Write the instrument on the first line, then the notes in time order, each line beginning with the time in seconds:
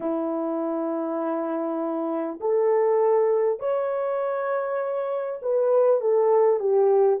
horn
0.00 E4
2.40 A4
3.59 C#5
5.42 B4
6.00 A4
6.59 G4